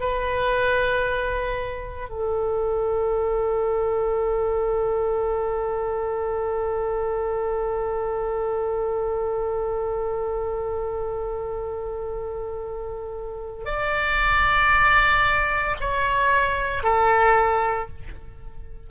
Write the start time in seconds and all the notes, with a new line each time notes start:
0.00 B4
2.10 A4
13.66 D5
15.81 C#5
16.83 A4